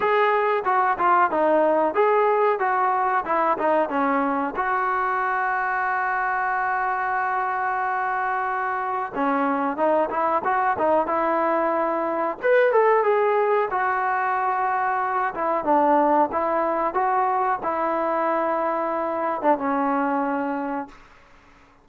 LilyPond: \new Staff \with { instrumentName = "trombone" } { \time 4/4 \tempo 4 = 92 gis'4 fis'8 f'8 dis'4 gis'4 | fis'4 e'8 dis'8 cis'4 fis'4~ | fis'1~ | fis'2 cis'4 dis'8 e'8 |
fis'8 dis'8 e'2 b'8 a'8 | gis'4 fis'2~ fis'8 e'8 | d'4 e'4 fis'4 e'4~ | e'4.~ e'16 d'16 cis'2 | }